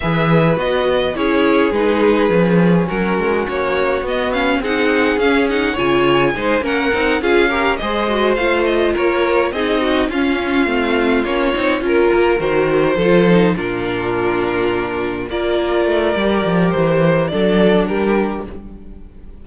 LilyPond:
<<
  \new Staff \with { instrumentName = "violin" } { \time 4/4 \tempo 4 = 104 e''4 dis''4 cis''4 b'4~ | b'4 ais'4 cis''4 dis''8 f''8 | fis''4 f''8 fis''8 gis''4. fis''8~ | fis''8 f''4 dis''4 f''8 dis''8 cis''8~ |
cis''8 dis''4 f''2 cis''8~ | cis''8 ais'4 c''2 ais'8~ | ais'2~ ais'8 d''4.~ | d''4 c''4 d''4 ais'4 | }
  \new Staff \with { instrumentName = "violin" } { \time 4/4 b'2 gis'2~ | gis'4 fis'2. | gis'2 cis''4 c''8 ais'8~ | ais'8 gis'8 ais'8 c''2 ais'8~ |
ais'8 gis'8 fis'8 f'2~ f'8~ | f'8 ais'2 a'4 f'8~ | f'2~ f'8 ais'4.~ | ais'2 a'4 g'4 | }
  \new Staff \with { instrumentName = "viola" } { \time 4/4 gis'4 fis'4 e'4 dis'4 | cis'2. b8 cis'8 | dis'4 cis'8 dis'8 f'4 dis'8 cis'8 | dis'8 f'8 g'8 gis'8 fis'8 f'4.~ |
f'8 dis'4 cis'4 c'4 cis'8 | dis'8 f'4 fis'4 f'8 dis'8 d'8~ | d'2~ d'8 f'4. | g'2 d'2 | }
  \new Staff \with { instrumentName = "cello" } { \time 4/4 e4 b4 cis'4 gis4 | f4 fis8 gis8 ais4 b4 | c'4 cis'4 cis4 gis8 ais8 | c'8 cis'4 gis4 a4 ais8~ |
ais8 c'4 cis'4 a4 ais8 | c'8 cis'8 ais8 dis4 f4 ais,8~ | ais,2~ ais,8 ais4 a8 | g8 f8 e4 fis4 g4 | }
>>